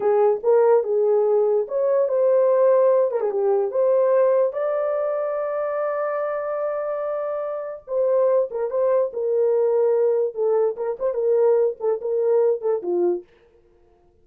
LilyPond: \new Staff \with { instrumentName = "horn" } { \time 4/4 \tempo 4 = 145 gis'4 ais'4 gis'2 | cis''4 c''2~ c''8 ais'16 gis'16 | g'4 c''2 d''4~ | d''1~ |
d''2. c''4~ | c''8 ais'8 c''4 ais'2~ | ais'4 a'4 ais'8 c''8 ais'4~ | ais'8 a'8 ais'4. a'8 f'4 | }